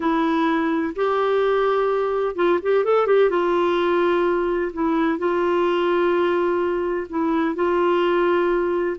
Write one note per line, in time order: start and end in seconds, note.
0.00 0.94 E4
0.95 2.35 G4
2.35 2.59 F4
2.62 2.84 G4
2.84 3.06 A4
3.06 3.30 G4
3.30 4.71 F4
4.73 5.18 E4
5.18 7.07 F4
7.09 7.55 E4
7.55 8.96 F4